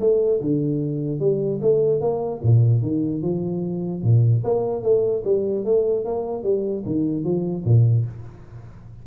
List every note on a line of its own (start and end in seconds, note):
0.00 0.40 A3
0.41 1.20 D3
1.20 1.60 G3
1.62 2.01 A3
2.01 2.41 A#3
2.43 2.82 A#2
2.82 3.22 D#3
3.22 4.03 F3
4.03 4.43 A#2
4.44 4.83 A#3
4.83 5.23 A3
5.24 5.65 G3
5.65 6.05 A3
6.05 6.43 A#3
6.43 6.84 G3
6.86 7.24 D#3
7.24 7.65 F3
7.65 8.05 A#2